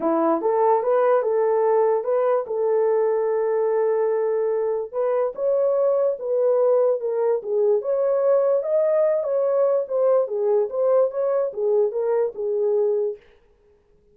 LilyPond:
\new Staff \with { instrumentName = "horn" } { \time 4/4 \tempo 4 = 146 e'4 a'4 b'4 a'4~ | a'4 b'4 a'2~ | a'1 | b'4 cis''2 b'4~ |
b'4 ais'4 gis'4 cis''4~ | cis''4 dis''4. cis''4. | c''4 gis'4 c''4 cis''4 | gis'4 ais'4 gis'2 | }